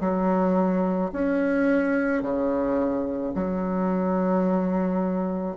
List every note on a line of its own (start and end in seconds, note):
0.00 1.11 F#3
1.13 2.22 C#4
2.22 3.33 C#3
3.35 5.57 F#3